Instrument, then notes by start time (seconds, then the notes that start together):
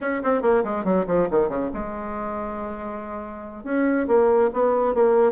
bassoon
0.01 C#4
0.23 C4
0.42 A#3
0.64 G#3
0.84 F#3
1.06 F3
1.30 D#3
1.48 C#3
1.73 G#3
3.64 C#4
4.07 A#3
4.53 B3
4.94 A#3